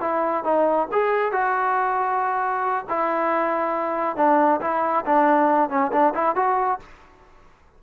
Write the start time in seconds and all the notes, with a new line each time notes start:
0.00 E4
0.44 D#4
0.92 G#4
1.32 F#4
2.89 E4
4.16 D4
4.61 E4
5.05 D4
5.69 C#4
5.92 D4
6.14 E4
6.35 F#4